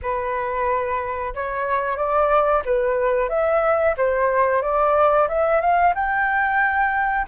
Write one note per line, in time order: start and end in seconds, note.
0.02 1.34 B4
1.34 1.97 C#5
1.97 2.63 D5
2.65 3.29 B4
3.29 3.95 E5
3.97 4.62 C5
4.62 5.27 D5
5.28 5.60 E5
5.60 5.93 F5
5.94 7.26 G5